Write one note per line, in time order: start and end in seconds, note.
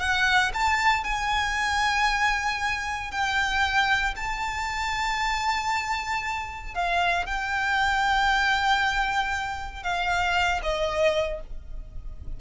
0.00 0.52 F#5
0.54 1.04 A5
1.04 3.11 G#5
3.11 4.15 G5
4.16 6.75 A5
6.75 7.26 F5
7.26 9.83 G5
9.83 10.61 F5
10.63 11.41 D#5